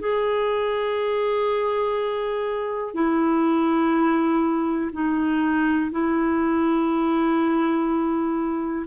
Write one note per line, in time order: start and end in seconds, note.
0.00 2.95 G#4
2.95 4.91 E4
4.93 5.91 D#4
5.92 8.87 E4